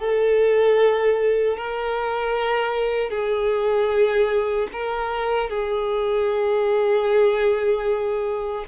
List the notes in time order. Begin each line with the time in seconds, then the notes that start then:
0.00 A4
1.58 A#4
3.10 G#4
4.73 A#4
5.50 G#4